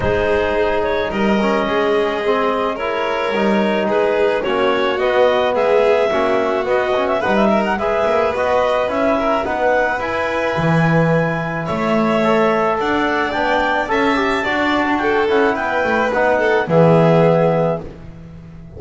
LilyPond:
<<
  \new Staff \with { instrumentName = "clarinet" } { \time 4/4 \tempo 4 = 108 c''4. cis''8 dis''2~ | dis''4 cis''2 b'4 | cis''4 dis''4 e''2 | dis''8. e''16 fis''16 e''8 fis''16 e''4 dis''4 |
e''4 fis''4 gis''2~ | gis''4 e''2 fis''4 | g''4 a''2 g''8 fis''8 | g''4 fis''4 e''2 | }
  \new Staff \with { instrumentName = "violin" } { \time 4/4 gis'2 ais'4 gis'4~ | gis'4 ais'2 gis'4 | fis'2 gis'4 fis'4~ | fis'4 b'8 ais'8 b'2~ |
b'8 ais'8 b'2.~ | b'4 cis''2 d''4~ | d''4 e''4 d''8. d'16 a'4 | b'4. a'8 gis'2 | }
  \new Staff \with { instrumentName = "trombone" } { \time 4/4 dis'2~ dis'8 cis'4. | c'4 e'4 dis'2 | cis'4 b2 cis'4 | b8 cis'8 dis'4 gis'4 fis'4 |
e'4 dis'4 e'2~ | e'2 a'2 | d'4 a'8 g'8 fis'4. e'8~ | e'4 dis'4 b2 | }
  \new Staff \with { instrumentName = "double bass" } { \time 4/4 gis2 g4 gis4~ | gis2 g4 gis4 | ais4 b4 gis4 ais4 | b4 g4 gis8 ais8 b4 |
cis'4 b4 e'4 e4~ | e4 a2 d'4 | b4 cis'4 d'4. cis'8 | b8 a8 b4 e2 | }
>>